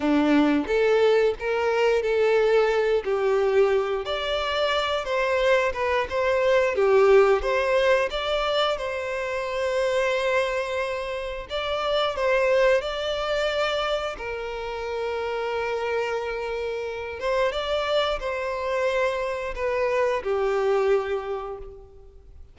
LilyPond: \new Staff \with { instrumentName = "violin" } { \time 4/4 \tempo 4 = 89 d'4 a'4 ais'4 a'4~ | a'8 g'4. d''4. c''8~ | c''8 b'8 c''4 g'4 c''4 | d''4 c''2.~ |
c''4 d''4 c''4 d''4~ | d''4 ais'2.~ | ais'4. c''8 d''4 c''4~ | c''4 b'4 g'2 | }